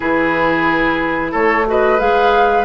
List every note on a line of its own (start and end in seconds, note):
0.00 1.34 E3
0.00 1.64 E4
0.00 1.31 G#4
0.00 1.32 B4
1.31 2.00 A3
1.31 1.65 A4
1.31 1.66 C#5
1.66 1.98 F#4
1.66 2.64 B4
1.66 1.99 D#5
1.98 2.64 G#3
1.98 2.64 G#4
1.98 2.64 F5